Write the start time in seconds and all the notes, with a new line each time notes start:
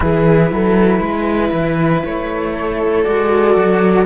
0.00 E3 E4 G#4 B4
0.51 F#3 A4
1.00 G#3 B4
1.52 E3
2.04 A3 C#5
2.54 A4
3.03 G#3 F#4 D5
3.56 F#3